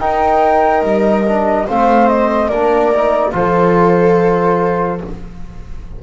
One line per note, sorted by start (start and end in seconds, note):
0.00 0.82 D#4
0.00 1.25 D#4
0.00 1.66 A#4
0.00 0.83 G5
0.82 1.66 G3
0.82 1.68 D#5
1.26 1.67 D4
1.66 2.50 A3
1.66 2.51 C4
1.66 2.48 C5
1.66 2.08 F5
2.08 2.49 D#5
2.48 3.33 A#3
2.48 2.94 D4
2.48 3.32 A#4
2.48 3.32 D5
2.94 3.33 D#4
3.33 5.01 F3
3.33 4.99 F4
3.33 5.03 A4
3.33 5.02 C5